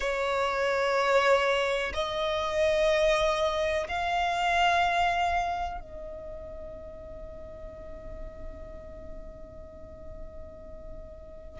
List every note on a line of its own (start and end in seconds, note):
0.00 1.92 C#5
1.93 3.87 D#5
3.88 5.80 F5
5.80 11.60 D#5